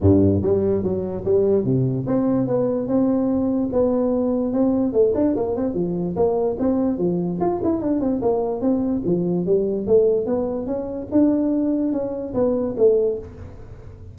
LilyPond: \new Staff \with { instrumentName = "tuba" } { \time 4/4 \tempo 4 = 146 g,4 g4 fis4 g4 | c4 c'4 b4 c'4~ | c'4 b2 c'4 | a8 d'8 ais8 c'8 f4 ais4 |
c'4 f4 f'8 e'8 d'8 c'8 | ais4 c'4 f4 g4 | a4 b4 cis'4 d'4~ | d'4 cis'4 b4 a4 | }